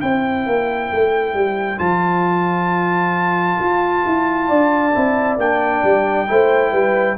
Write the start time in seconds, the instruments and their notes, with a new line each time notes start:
0.00 tuba C4, trombone E4, horn C5, trumpet G5
0.46 tuba A#3
0.91 tuba A3
1.34 tuba G3
1.78 tuba F3, trombone F4, trumpet A5
3.60 tuba F4
4.05 tuba E4
4.48 tuba D4, horn D5
4.94 tuba C4, trombone E4
5.38 tuba A#3, trombone D4, trumpet G5
5.83 tuba G3
6.27 tuba A3, trombone E4, horn C5
6.71 tuba G3, horn B4